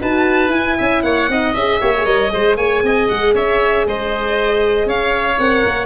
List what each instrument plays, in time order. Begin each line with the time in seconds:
0.00 tuba D#4, horn F#4, oboe B4, violin A5
0.48 tuba E4, horn E4, violin G#5
0.77 tuba C#4, oboe E5
1.02 tuba A#3, oboe C#5, violin F#5
1.28 tuba C4, horn D#4, oboe D#5
1.54 tuba C#4, horn G#4, violin E5
1.80 tuba A#3, horn G4, oboe C#5
1.97 horn G#4
2.05 tuba G3, horn A#4, violin D#5
2.29 tuba G#3, horn G#4, oboe C5
2.57 tuba A#3, oboe C#5, violin G#5
2.82 tuba C4, oboe D#5
3.08 tuba G#3, violin F#5
3.34 tuba C#4, oboe C#5, violin E5
3.86 tuba G#3, oboe C5, violin D#5
4.86 tuba C#4, oboe C#5, violin F5
5.39 tuba C4, horn A#4, violin F#5
5.65 tuba A#3